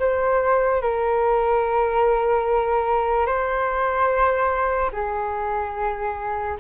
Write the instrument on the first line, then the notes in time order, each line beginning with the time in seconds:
flute
0.00 C5
0.82 A#4
3.27 C5
4.93 G#4